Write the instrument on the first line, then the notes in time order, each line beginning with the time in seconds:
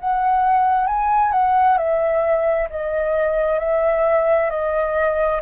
flute
0.00 F#5
0.88 G#5
1.33 F#5
1.78 E5
2.70 D#5
3.60 E5
4.51 D#5